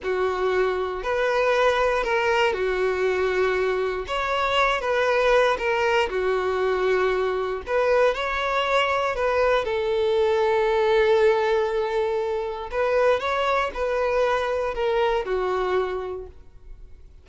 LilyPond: \new Staff \with { instrumentName = "violin" } { \time 4/4 \tempo 4 = 118 fis'2 b'2 | ais'4 fis'2. | cis''4. b'4. ais'4 | fis'2. b'4 |
cis''2 b'4 a'4~ | a'1~ | a'4 b'4 cis''4 b'4~ | b'4 ais'4 fis'2 | }